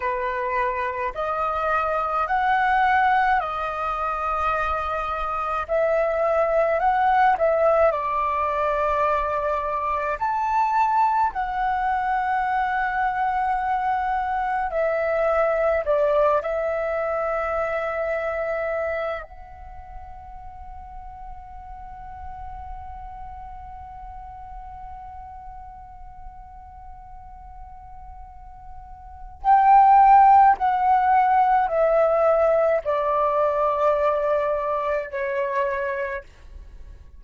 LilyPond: \new Staff \with { instrumentName = "flute" } { \time 4/4 \tempo 4 = 53 b'4 dis''4 fis''4 dis''4~ | dis''4 e''4 fis''8 e''8 d''4~ | d''4 a''4 fis''2~ | fis''4 e''4 d''8 e''4.~ |
e''4 fis''2.~ | fis''1~ | fis''2 g''4 fis''4 | e''4 d''2 cis''4 | }